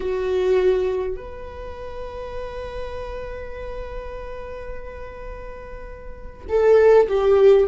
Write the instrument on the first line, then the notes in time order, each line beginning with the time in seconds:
viola
0.00 F#4
1.16 B4
6.48 A4
7.08 G4